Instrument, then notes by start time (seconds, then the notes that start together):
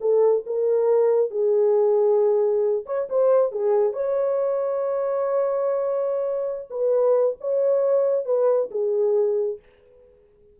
horn
0.00 A4
0.46 A#4
1.30 G#4
2.86 C#5
3.09 C5
3.51 G#4
3.93 C#5
6.70 B4
7.40 C#5
8.25 B4
8.71 G#4